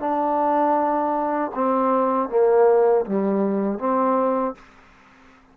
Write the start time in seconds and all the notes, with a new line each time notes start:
0.00 D4
1.55 C4
2.29 A#3
3.06 G3
3.79 C4